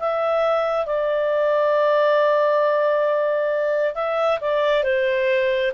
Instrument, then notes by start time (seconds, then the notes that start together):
clarinet
0.00 E5
0.86 D5
3.95 E5
4.41 D5
4.84 C5